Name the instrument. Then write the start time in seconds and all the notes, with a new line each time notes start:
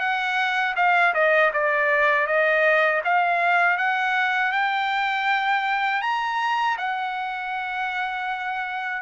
trumpet
0.00 F#5
0.76 F5
1.14 D#5
1.54 D5
2.27 D#5
3.05 F5
3.78 F#5
4.52 G5
6.02 A#5
6.78 F#5